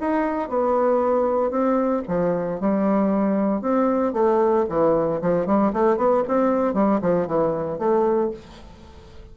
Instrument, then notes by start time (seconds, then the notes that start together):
bassoon
0.00 D#4
0.49 B3
1.50 C4
2.08 F3
2.60 G3
3.61 C4
4.13 A3
4.69 E3
5.21 F3
5.46 G3
5.73 A3
5.96 B3
6.28 C4
6.74 G3
7.01 F3
7.27 E3
7.78 A3